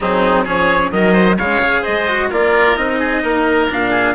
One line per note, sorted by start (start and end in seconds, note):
0.00 0.47 F#3
0.00 0.45 C4
0.00 0.44 D#4
0.00 0.47 G#4
0.44 0.90 F3
0.44 0.91 C#4
0.44 0.90 G#4
0.44 0.91 C#5
0.90 1.36 D#3
0.90 1.38 F#3
0.90 1.12 A#4
0.90 1.37 D#5
1.12 1.35 C5
1.37 1.83 C#3
1.37 1.62 G#3
1.37 1.81 C#5
1.37 1.83 F5
1.62 2.08 G#4
1.81 2.31 G#3
1.81 2.27 C5
1.81 2.30 D#5
2.08 2.31 F#4
2.30 2.77 A#3
2.30 2.76 F4
2.30 2.99 A#4
2.30 2.76 D5
2.76 3.23 C4
2.76 3.68 D#4
2.76 3.69 D#5
2.99 3.22 G#4
3.23 3.69 A#3
3.23 3.90 A#4
3.69 4.14 A#2
3.69 4.14 D4
3.69 4.14 F5
3.90 4.13 G#4